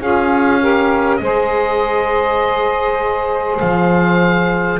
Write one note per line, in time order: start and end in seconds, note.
0.00 1.20 C#4
0.00 0.60 F4
0.00 0.60 G#4
0.00 1.17 F5
0.60 1.20 G4
0.60 1.21 A#4
1.17 3.60 G#3
1.17 4.80 G#4
1.17 4.80 C5
1.17 3.57 D#5
3.60 4.80 F3
3.60 4.80 F5